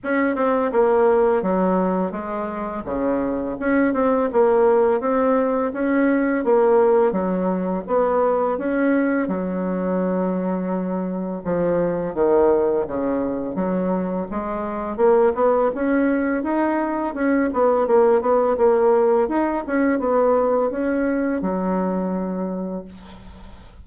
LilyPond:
\new Staff \with { instrumentName = "bassoon" } { \time 4/4 \tempo 4 = 84 cis'8 c'8 ais4 fis4 gis4 | cis4 cis'8 c'8 ais4 c'4 | cis'4 ais4 fis4 b4 | cis'4 fis2. |
f4 dis4 cis4 fis4 | gis4 ais8 b8 cis'4 dis'4 | cis'8 b8 ais8 b8 ais4 dis'8 cis'8 | b4 cis'4 fis2 | }